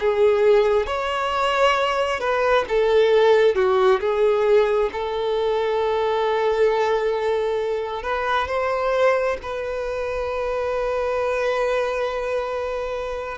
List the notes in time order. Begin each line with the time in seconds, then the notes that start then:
0.00 G#4
0.87 C#5
2.20 B4
2.69 A4
3.55 F#4
4.01 G#4
4.93 A4
8.03 B4
8.48 C5
9.43 B4